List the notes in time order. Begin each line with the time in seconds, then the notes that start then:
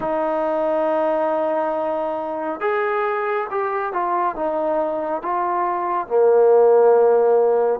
0.00 D#4
2.60 G#4
3.50 G4
3.92 F4
4.35 D#4
5.22 F4
6.07 A#3